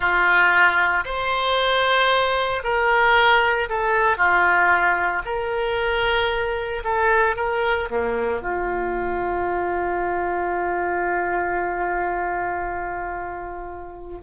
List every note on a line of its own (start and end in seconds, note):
0.00 1.04 F4
1.04 2.62 C5
2.63 3.68 A#4
3.69 4.17 A4
4.17 5.22 F4
5.25 6.83 A#4
6.84 7.36 A4
7.36 7.89 A#4
7.89 8.41 A#3
8.41 14.20 F4